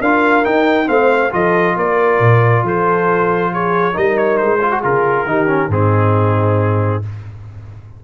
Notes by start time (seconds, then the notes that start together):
0.00 D4 F4 A#4 F5
0.45 D#4 G5
0.86 A3 C4 C5 F5
1.31 F3 F4 A4 D#5
1.77 A#3 A#4 D5
2.20 A#2
2.63 F3 A4 C5
3.53 G#4 C#5
3.93 G3 D#4 A#4 D#5
4.18 C#5
4.37 G#3 C5
4.61 F4 G#4
4.72 F#4
4.83 C#3 F4 A#4
5.26 D#3 D#4 G4
5.47 C#4
5.69 G#2 C4 D#4 G#4